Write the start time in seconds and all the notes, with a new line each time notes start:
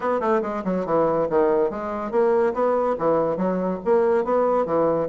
0.00 B3
0.20 A3
0.42 G#3
0.64 F#3
0.85 E3
1.29 D#3
1.70 G#3
2.11 A#3
2.53 B3
2.98 E3
3.36 F#3
3.84 A#3
4.24 B3
4.65 E3